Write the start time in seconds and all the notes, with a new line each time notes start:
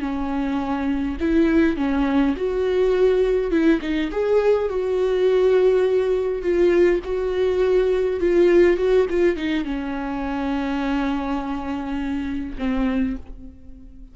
0.00 C#4
1.20 E4
1.76 C#4
2.36 F#4
3.50 E4
3.81 D#4
4.11 G#4
4.68 F#4
6.42 F4
7.04 F#4
8.20 F4
8.77 F#4
9.09 F4
9.36 D#4
9.64 C#4
12.58 C4